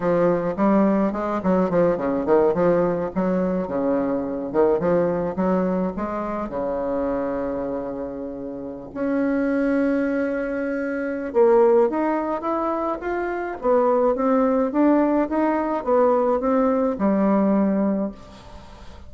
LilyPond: \new Staff \with { instrumentName = "bassoon" } { \time 4/4 \tempo 4 = 106 f4 g4 gis8 fis8 f8 cis8 | dis8 f4 fis4 cis4. | dis8 f4 fis4 gis4 cis8~ | cis2.~ cis8. cis'16~ |
cis'1 | ais4 dis'4 e'4 f'4 | b4 c'4 d'4 dis'4 | b4 c'4 g2 | }